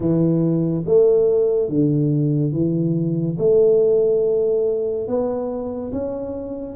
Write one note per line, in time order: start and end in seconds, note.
0.00 0.84 E3
0.86 1.68 A3
1.68 2.52 D3
2.52 3.36 E3
3.38 5.07 A3
5.07 5.92 B3
5.92 6.76 C#4